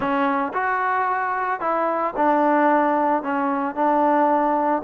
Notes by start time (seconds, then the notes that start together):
0.00 C#4
0.53 F#4
1.60 E4
2.16 D4
3.22 C#4
3.75 D4